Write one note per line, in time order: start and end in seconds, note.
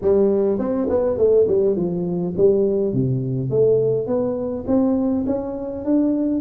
0.01 0.59 G3
0.59 0.88 C4
0.89 1.17 B3
1.17 1.46 A3
1.47 1.76 G3
1.76 2.34 F3
2.37 2.93 G3
2.93 3.50 C3
3.50 4.06 A3
4.06 4.64 B3
4.67 5.25 C4
5.26 5.84 C#4
5.84 6.41 D4